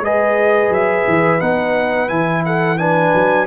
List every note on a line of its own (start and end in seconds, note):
0.00 0.69 G#3
0.00 1.40 G#4
0.00 2.44 B4
0.00 0.73 D#5
0.70 1.04 F#3
0.70 1.41 E5
1.07 1.41 E3
1.40 2.09 B3
1.40 2.08 D#4
1.40 2.09 F#5
2.08 3.13 E3
2.08 2.77 E4
2.08 2.43 G#5
2.45 2.79 A4
2.45 2.78 F#5
2.78 3.46 D4
2.78 3.46 B4
2.78 3.46 G#5
3.14 3.46 F#3